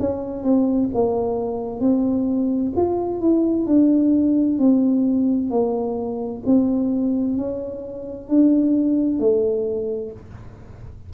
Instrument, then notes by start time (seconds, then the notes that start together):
tuba
0.00 C#4
0.44 C4
0.95 A#3
1.80 C4
2.77 F4
3.21 E4
3.67 D4
4.59 C4
5.51 A#3
6.47 C4
7.38 C#4
8.29 D4
9.20 A3